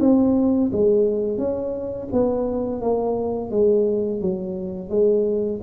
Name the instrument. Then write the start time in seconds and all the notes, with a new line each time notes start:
tuba
0.00 C4
0.73 G#3
1.38 C#4
2.13 B3
2.81 A#3
3.51 G#3
4.21 F#3
4.90 G#3